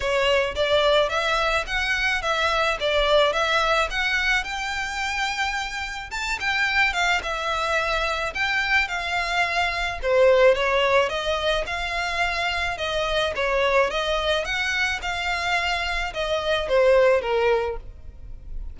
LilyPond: \new Staff \with { instrumentName = "violin" } { \time 4/4 \tempo 4 = 108 cis''4 d''4 e''4 fis''4 | e''4 d''4 e''4 fis''4 | g''2. a''8 g''8~ | g''8 f''8 e''2 g''4 |
f''2 c''4 cis''4 | dis''4 f''2 dis''4 | cis''4 dis''4 fis''4 f''4~ | f''4 dis''4 c''4 ais'4 | }